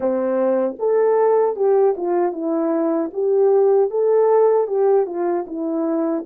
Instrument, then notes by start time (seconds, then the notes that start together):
horn
0.00 C4
0.78 A4
1.55 G4
1.97 F4
2.32 E4
3.13 G4
3.90 A4
4.67 G4
5.06 F4
5.46 E4